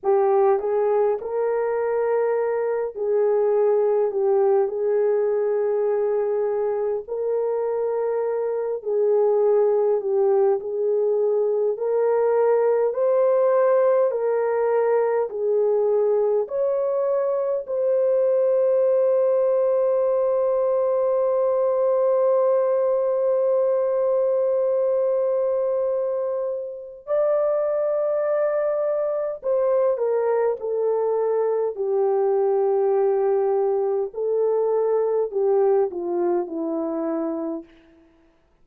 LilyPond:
\new Staff \with { instrumentName = "horn" } { \time 4/4 \tempo 4 = 51 g'8 gis'8 ais'4. gis'4 g'8 | gis'2 ais'4. gis'8~ | gis'8 g'8 gis'4 ais'4 c''4 | ais'4 gis'4 cis''4 c''4~ |
c''1~ | c''2. d''4~ | d''4 c''8 ais'8 a'4 g'4~ | g'4 a'4 g'8 f'8 e'4 | }